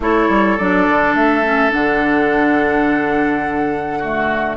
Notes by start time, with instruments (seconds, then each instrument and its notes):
0.00 bassoon A3, clarinet E4, oboe A4, flute C#5
0.28 bassoon G3
0.57 bassoon F#3, clarinet D4, flute D5
0.88 bassoon D3
1.14 bassoon A3, flute E5
1.43 clarinet C#4
1.70 bassoon D3, clarinet D4, flute F#5
3.99 clarinet A3, oboe F#4